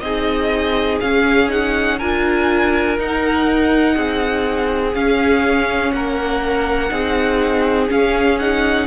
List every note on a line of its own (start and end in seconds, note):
0.00 1.00 C4
0.00 1.01 D#4
0.00 1.98 G#4
0.00 0.98 D#5
1.00 1.49 C#4
1.00 2.01 C#4
1.00 1.49 F5
1.49 1.98 D#4
1.49 1.99 F#5
1.98 2.98 D4
1.98 2.99 F4
1.98 3.95 A#4
1.98 2.97 G#5
2.98 3.96 D#4
2.98 4.93 D#4
2.98 4.94 F#5
3.96 4.94 C4
3.96 5.93 G#4
4.93 6.90 C#4
4.93 5.92 C#4
4.93 5.92 F5
5.92 6.91 A#3
5.92 6.92 A#4
5.92 7.89 F#5
6.90 7.89 C4
6.90 7.88 D#4
6.90 8.87 G#4
7.88 8.37 C#4
7.88 8.87 C#4
7.88 8.39 F5
8.39 8.87 D#4
8.39 8.87 F#5